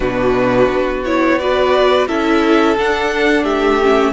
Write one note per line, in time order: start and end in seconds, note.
0.00 0.67 B2
0.00 1.03 D4
0.00 1.36 F#4
0.00 1.02 B4
0.69 2.07 B3
1.04 1.39 E4
1.04 1.38 C#5
1.38 2.07 F#4
1.38 2.08 B4
1.38 2.07 D5
2.07 2.77 C#4
2.07 2.76 E4
2.07 3.44 A4
2.07 2.76 E5
2.77 3.43 D4
2.77 3.81 D4
2.77 3.44 F#5
3.43 4.12 A3
3.43 4.12 G4
3.43 4.13 E5
3.82 4.13 C#4